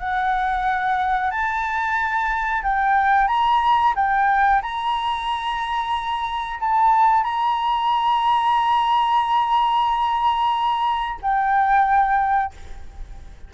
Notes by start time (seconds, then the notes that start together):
0.00 F#5
1.31 A5
2.63 G5
3.28 A#5
3.96 G5
4.62 A#5
6.61 A5
7.24 A#5
11.22 G5